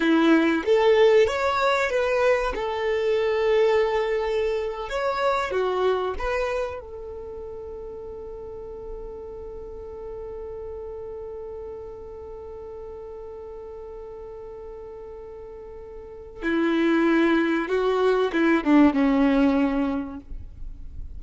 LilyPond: \new Staff \with { instrumentName = "violin" } { \time 4/4 \tempo 4 = 95 e'4 a'4 cis''4 b'4 | a'2.~ a'8. cis''16~ | cis''8. fis'4 b'4 a'4~ a'16~ | a'1~ |
a'1~ | a'1~ | a'2 e'2 | fis'4 e'8 d'8 cis'2 | }